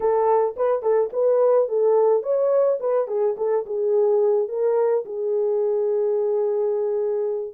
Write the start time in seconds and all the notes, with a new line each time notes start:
0.00 A4
0.56 B4
0.82 A4
1.12 B4
1.68 A4
2.22 C#5
2.80 B4
3.07 G#4
3.37 A4
3.66 G#4
4.48 A#4
5.05 G#4